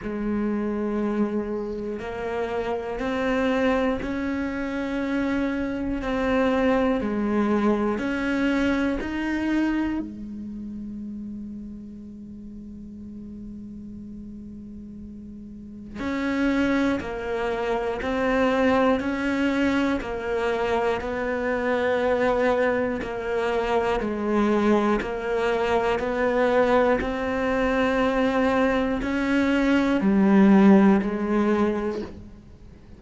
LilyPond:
\new Staff \with { instrumentName = "cello" } { \time 4/4 \tempo 4 = 60 gis2 ais4 c'4 | cis'2 c'4 gis4 | cis'4 dis'4 gis2~ | gis1 |
cis'4 ais4 c'4 cis'4 | ais4 b2 ais4 | gis4 ais4 b4 c'4~ | c'4 cis'4 g4 gis4 | }